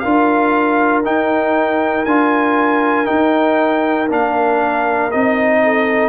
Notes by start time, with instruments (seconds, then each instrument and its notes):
0.00 tuba D4, trombone F4, horn A#4, trumpet F5
1.04 trombone D#4, tuba D#4, trumpet G5
2.06 tuba D4, trombone F4, trumpet G#5
3.06 trombone D#4, tuba D#4, trumpet G5
4.10 tuba A#3, trombone D4, trumpet F5
5.12 tuba C4, trombone D#4, trumpet D#5
5.64 horn A4